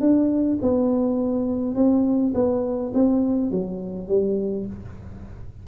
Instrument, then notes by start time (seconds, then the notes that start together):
tuba
0.00 D4
0.61 B3
1.75 C4
2.34 B3
2.94 C4
3.51 F#3
4.08 G3